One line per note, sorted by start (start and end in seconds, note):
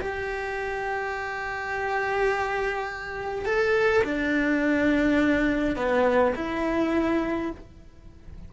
0.00 3.45 G4
3.45 4.03 A4
4.03 5.76 D4
5.76 6.34 B3
6.35 7.51 E4